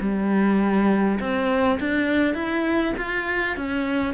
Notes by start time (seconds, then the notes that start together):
0.00 G3
1.19 C4
1.80 D4
2.34 E4
2.97 F4
3.56 C#4